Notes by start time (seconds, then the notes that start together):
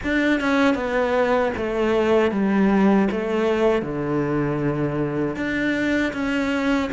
0.03 D4
0.40 C#4
0.74 B3
1.56 A3
2.31 G3
3.11 A3
3.82 D3
5.36 D4
6.13 C#4